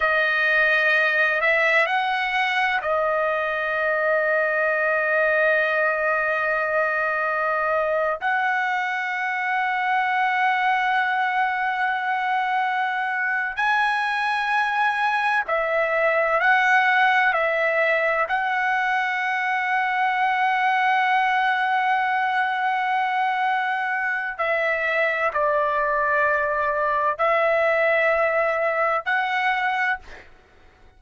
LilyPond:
\new Staff \with { instrumentName = "trumpet" } { \time 4/4 \tempo 4 = 64 dis''4. e''8 fis''4 dis''4~ | dis''1~ | dis''8. fis''2.~ fis''16~ | fis''2~ fis''8 gis''4.~ |
gis''8 e''4 fis''4 e''4 fis''8~ | fis''1~ | fis''2 e''4 d''4~ | d''4 e''2 fis''4 | }